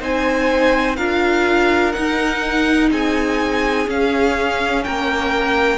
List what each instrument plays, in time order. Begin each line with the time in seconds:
0.00 cello C4, viola D#4, violin C5 G#5
0.96 cello D4, viola F4, violin A#4 F5
1.92 viola D#4, cello D#4, violin F#5
2.90 cello C4, violin G#4 G#5
3.85 viola C#4, cello C#4, violin F5
4.84 cello A#3, violin A#4 G5